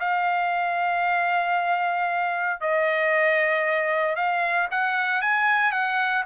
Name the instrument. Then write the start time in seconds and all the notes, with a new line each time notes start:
trumpet
0.00 F5
2.61 D#5
4.16 F5
4.71 F#5
5.22 G#5
5.72 F#5